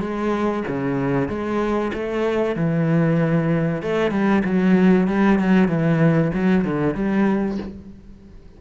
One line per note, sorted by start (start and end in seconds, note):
0.00 0.63 G#3
0.68 1.29 C#3
1.29 1.92 G#3
1.93 2.56 A3
2.56 3.82 E3
3.82 4.11 A3
4.11 4.43 G3
4.45 5.08 F#3
5.08 5.39 G3
5.39 5.68 F#3
5.68 6.32 E3
6.34 6.65 F#3
6.65 6.94 D3
6.94 7.58 G3